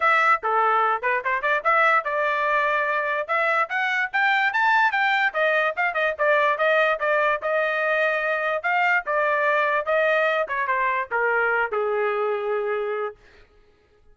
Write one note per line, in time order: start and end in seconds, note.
0.00 0.41 E5
0.43 1.02 A4
1.02 1.22 B4
1.24 1.42 C5
1.42 1.62 D5
1.64 2.04 E5
2.04 3.27 D5
3.27 3.69 E5
3.69 4.10 F#5
4.13 4.53 G5
4.53 4.91 A5
4.91 5.32 G5
5.33 5.74 D#5
5.76 5.94 F5
5.94 6.14 D#5
6.18 6.58 D5
6.58 6.99 D#5
6.99 7.40 D5
7.41 8.62 D#5
8.62 9.03 F5
9.05 9.85 D5
9.85 10.47 D#5
10.47 10.67 C#5
10.67 11.08 C5
11.11 11.71 A#4
11.71 13.15 G#4